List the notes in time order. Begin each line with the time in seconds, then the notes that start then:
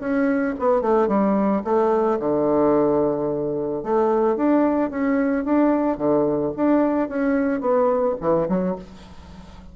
0.00 C#4
0.59 B3
0.82 A3
1.08 G3
1.64 A3
2.20 D3
3.84 A3
4.37 D4
4.90 C#4
5.45 D4
5.98 D3
6.57 D4
7.09 C#4
7.61 B3
8.21 E3
8.49 F#3